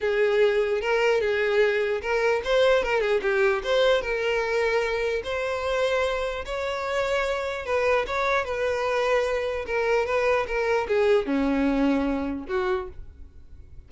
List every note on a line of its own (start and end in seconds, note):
0.01 0.81 G#4
0.81 1.20 A#4
1.20 2.01 G#4
2.01 2.41 A#4
2.44 2.83 C5
2.83 3.00 A#4
3.00 3.20 G#4
3.22 3.62 G4
3.63 4.01 C5
4.01 5.22 A#4
5.24 6.44 C5
6.45 7.65 C#5
7.65 8.05 B4
8.06 8.44 C#5
8.44 9.65 B4
9.66 10.06 A#4
10.06 10.46 B4
10.47 10.87 A#4
10.87 11.26 G#4
11.26 12.46 C#4
12.48 12.88 F#4